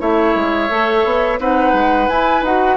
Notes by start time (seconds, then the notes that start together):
0.00 A3 E4 C#5 E5
0.35 G#3
0.69 A3 A4
1.05 B3
1.39 C4 D#4 B4 F#5
1.73 G#3
2.09 E4 G#5
2.43 D#4 F#4 F#5